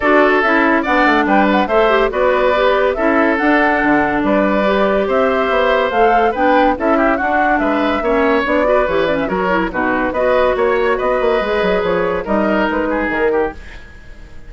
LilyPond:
<<
  \new Staff \with { instrumentName = "flute" } { \time 4/4 \tempo 4 = 142 d''4 e''4 fis''4 g''8 fis''8 | e''4 d''2 e''4 | fis''2 d''2 | e''2 f''4 g''4 |
e''4 fis''4 e''2 | d''4 cis''8 d''16 e''16 cis''4 b'4 | dis''4 cis''4 dis''2 | cis''4 dis''4 b'4 ais'4 | }
  \new Staff \with { instrumentName = "oboe" } { \time 4/4 a'2 d''4 b'4 | c''4 b'2 a'4~ | a'2 b'2 | c''2. b'4 |
a'8 g'8 fis'4 b'4 cis''4~ | cis''8 b'4. ais'4 fis'4 | b'4 cis''4 b'2~ | b'4 ais'4. gis'4 g'8 | }
  \new Staff \with { instrumentName = "clarinet" } { \time 4/4 fis'4 e'4 d'2 | a'8 g'8 fis'4 g'4 e'4 | d'2. g'4~ | g'2 a'4 d'4 |
e'4 d'2 cis'4 | d'8 fis'8 g'8 cis'8 fis'8 e'8 dis'4 | fis'2. gis'4~ | gis'4 dis'2. | }
  \new Staff \with { instrumentName = "bassoon" } { \time 4/4 d'4 cis'4 b8 a8 g4 | a4 b2 cis'4 | d'4 d4 g2 | c'4 b4 a4 b4 |
cis'4 d'4 gis4 ais4 | b4 e4 fis4 b,4 | b4 ais4 b8 ais8 gis8 fis8 | f4 g4 gis4 dis4 | }
>>